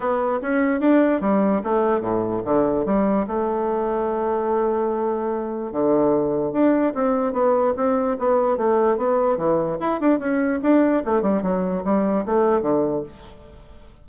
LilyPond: \new Staff \with { instrumentName = "bassoon" } { \time 4/4 \tempo 4 = 147 b4 cis'4 d'4 g4 | a4 a,4 d4 g4 | a1~ | a2 d2 |
d'4 c'4 b4 c'4 | b4 a4 b4 e4 | e'8 d'8 cis'4 d'4 a8 g8 | fis4 g4 a4 d4 | }